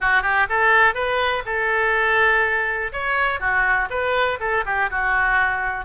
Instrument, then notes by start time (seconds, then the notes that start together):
oboe
0.00 F#4
0.22 G4
0.49 A4
0.94 B4
1.45 A4
2.92 C#5
3.40 F#4
3.90 B4
4.39 A4
4.65 G4
4.90 F#4